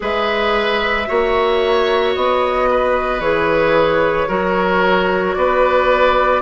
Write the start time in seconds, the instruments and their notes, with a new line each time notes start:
0.00 bassoon G#3, clarinet G#4, oboe B4, flute E5
1.06 bassoon A#3, clarinet F#4, oboe C#5
2.14 bassoon B3, flute D#5
2.70 oboe B4
3.19 bassoon E3, clarinet G#4, flute C#5
4.28 bassoon F#3, clarinet F#4, oboe A#4
5.34 bassoon B3, oboe B4, flute D5